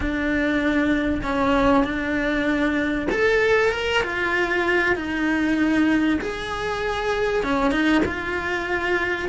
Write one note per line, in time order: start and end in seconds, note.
0.00 1.21 D4
1.22 1.84 C#4
1.84 3.07 D4
3.11 3.71 A4
3.71 4.02 A#4
4.03 4.95 F4
4.95 6.19 D#4
6.20 7.43 G#4
7.43 7.71 C#4
7.71 8.02 D#4
8.05 9.28 F4